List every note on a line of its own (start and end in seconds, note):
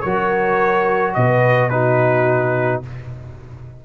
0.00 1.16 F#3
0.00 1.70 F#4
0.00 1.15 A#4
0.00 1.12 C#5
1.14 2.84 B2
1.14 1.71 B4
1.14 1.69 D#5
1.69 2.82 D#4
1.69 2.84 F#4
1.69 2.81 B4